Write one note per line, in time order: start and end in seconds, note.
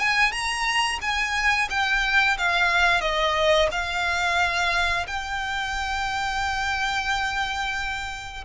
0.00 0.32 G#5
0.32 0.99 A#5
1.01 1.69 G#5
1.70 2.37 G5
2.38 3.01 F5
3.01 3.69 D#5
3.72 5.07 F5
5.07 8.45 G5